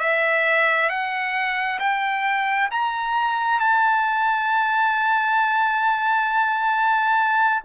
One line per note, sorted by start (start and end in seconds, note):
0.00 0.90 E5
0.90 1.80 F#5
1.80 2.69 G5
2.72 3.60 A#5
3.60 7.63 A5